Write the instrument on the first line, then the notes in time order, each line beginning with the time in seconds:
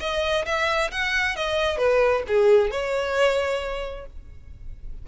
violin
0.00 D#5
0.46 E5
0.91 F#5
1.36 D#5
1.78 B4
2.28 G#4
2.71 C#5